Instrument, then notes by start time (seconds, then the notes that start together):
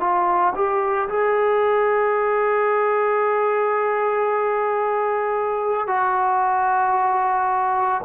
trombone
0.00 F4
0.55 G4
1.09 G#4
5.87 F#4